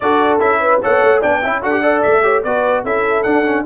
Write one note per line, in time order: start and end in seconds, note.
0.00 0.40 D4
0.00 0.39 F#4
0.00 0.61 A4
0.00 0.39 D5
0.39 0.81 C#4
0.39 0.80 E4
0.39 0.80 E5
0.61 0.81 B4
0.81 1.02 B3
0.81 1.22 A4
0.81 1.20 C#5
0.81 1.22 F#5
1.02 1.23 A3
1.20 1.43 B3
1.20 1.42 D4
1.20 1.40 D5
1.20 1.62 G5
1.42 1.63 C#4
1.42 1.61 E4
1.42 1.62 E5
1.61 2.03 D4
1.61 1.71 F#4
1.61 1.81 A4
1.61 2.02 F#5
1.71 1.81 G4
1.81 2.22 A4
1.81 2.22 D5
2.02 2.44 A3
2.02 2.42 E5
2.22 2.42 G4
2.22 2.43 C#5
2.43 2.84 B3
2.43 2.85 F#4
2.43 2.83 B4
2.43 2.84 D5
2.83 3.24 C#4
2.83 3.24 E4
2.83 3.64 A4
2.83 3.22 E5
3.22 3.44 D4
3.22 3.65 D4
3.22 3.63 F#5
3.44 3.64 C#4